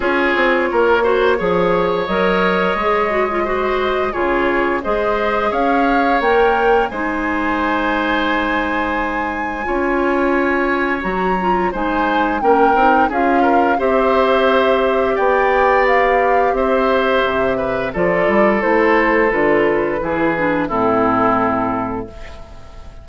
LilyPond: <<
  \new Staff \with { instrumentName = "flute" } { \time 4/4 \tempo 4 = 87 cis''2. dis''4~ | dis''2 cis''4 dis''4 | f''4 g''4 gis''2~ | gis''1 |
ais''4 gis''4 g''4 f''4 | e''2 g''4 f''4 | e''2 d''4 c''4 | b'2 a'2 | }
  \new Staff \with { instrumentName = "oboe" } { \time 4/4 gis'4 ais'8 c''8 cis''2~ | cis''4 c''4 gis'4 c''4 | cis''2 c''2~ | c''2 cis''2~ |
cis''4 c''4 ais'4 gis'8 ais'8 | c''2 d''2 | c''4. b'8 a'2~ | a'4 gis'4 e'2 | }
  \new Staff \with { instrumentName = "clarinet" } { \time 4/4 f'4. fis'8 gis'4 ais'4 | gis'8 fis'16 f'16 fis'4 f'4 gis'4~ | gis'4 ais'4 dis'2~ | dis'2 f'2 |
fis'8 f'8 dis'4 cis'8 dis'8 f'4 | g'1~ | g'2 f'4 e'4 | f'4 e'8 d'8 c'2 | }
  \new Staff \with { instrumentName = "bassoon" } { \time 4/4 cis'8 c'8 ais4 f4 fis4 | gis2 cis4 gis4 | cis'4 ais4 gis2~ | gis2 cis'2 |
fis4 gis4 ais8 c'8 cis'4 | c'2 b2 | c'4 c4 f8 g8 a4 | d4 e4 a,2 | }
>>